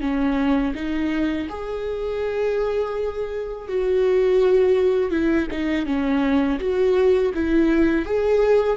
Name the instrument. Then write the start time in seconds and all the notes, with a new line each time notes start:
viola
0.00 C#4
0.74 D#4
1.49 G#4
3.68 F#4
5.11 E4
5.51 D#4
5.86 C#4
6.59 F#4
7.34 E4
8.05 G#4